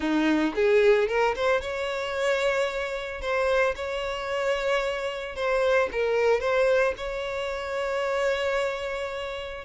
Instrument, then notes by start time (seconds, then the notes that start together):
violin
0.00 D#4
0.55 G#4
1.07 A#4
1.35 C5
1.61 C#5
3.21 C5
3.75 C#5
5.35 C5
5.91 A#4
6.40 C5
6.97 C#5